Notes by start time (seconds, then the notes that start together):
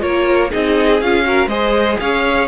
0.00 A#3 F4 A#4 C#5
0.51 C4 D#4 G#4 D#5
1.01 C#4 F4 F5
1.24 F#4 A#4
1.47 G#3 G#4 C5 D#5
2.00 C#4 C#5 F5